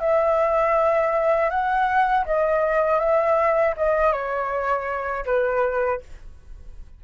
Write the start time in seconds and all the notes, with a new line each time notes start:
0.00 E5
1.50 F#5
2.25 D#5
2.99 E5
3.77 D#5
4.12 C#5
5.26 B4